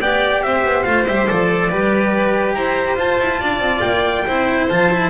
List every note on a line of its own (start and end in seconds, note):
0.00 0.42 B3
0.00 0.84 G4
0.00 0.43 D5
0.00 0.43 G5
0.42 0.63 C4
0.42 1.70 C5
0.42 0.83 E5
0.64 0.85 B3
0.83 1.07 A3
0.83 1.05 F4
0.83 1.04 F5
1.07 1.28 G3
1.07 1.27 G4
1.07 1.27 E5
1.27 1.71 F3
1.27 1.69 A4
1.27 2.54 D5
1.69 2.55 G3
1.69 2.97 G4
1.69 2.55 B4
2.54 2.95 E4
2.54 3.40 C5
2.54 2.96 A#5
2.95 3.16 F4
2.95 4.26 F4
2.95 3.80 A5
3.20 3.41 E4
3.40 3.59 D4
3.40 4.25 D5
3.59 3.80 C4
3.80 4.25 A#3
3.80 4.65 G5
4.26 4.70 C4
4.26 4.70 E4
4.26 5.10 C5
4.68 5.10 F3
4.68 4.91 F4
4.68 5.10 A5
4.91 5.10 E4